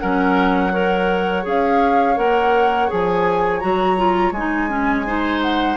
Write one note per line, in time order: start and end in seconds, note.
0.00 1.46 F#3
0.00 0.72 C#4
0.00 0.73 A#4
0.00 1.45 F#5
0.73 1.43 A#4
0.73 5.07 C#5
1.43 2.17 C#4
1.43 2.16 G#4
1.43 2.18 F5
2.16 2.90 A#3
2.16 2.89 A#4
2.16 2.90 F#5
2.89 3.64 F3
2.89 3.61 G#4
2.89 3.60 G#5
3.60 4.32 F#3
3.60 3.97 F#4
3.60 4.33 A#5
3.97 4.34 F4
4.32 5.77 G#3
4.32 4.69 D#4
4.32 5.42 G#5
4.69 5.05 C#4
5.06 5.77 D#4
5.06 5.77 C5
5.42 5.77 F#5